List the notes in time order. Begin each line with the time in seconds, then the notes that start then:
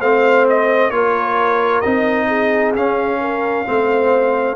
0.00 A3 C4 C5 F5
0.49 D#5
0.90 A#3 F4 A#4 C#5
1.80 C4 D#4 D#5
2.27 G#4
2.75 C#4 F5
3.20 A#4
3.65 A3 C4 C5